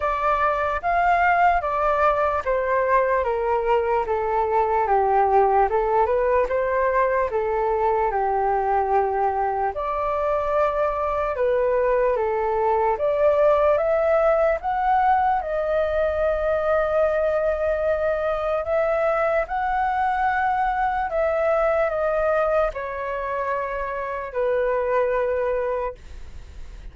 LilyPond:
\new Staff \with { instrumentName = "flute" } { \time 4/4 \tempo 4 = 74 d''4 f''4 d''4 c''4 | ais'4 a'4 g'4 a'8 b'8 | c''4 a'4 g'2 | d''2 b'4 a'4 |
d''4 e''4 fis''4 dis''4~ | dis''2. e''4 | fis''2 e''4 dis''4 | cis''2 b'2 | }